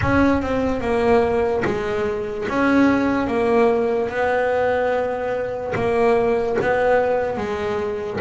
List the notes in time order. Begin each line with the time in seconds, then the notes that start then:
0.01 C#4
0.41 C4
0.80 A#3
1.64 G#3
2.48 C#4
3.27 A#3
4.09 B3
5.75 A#3
6.61 B3
7.37 G#3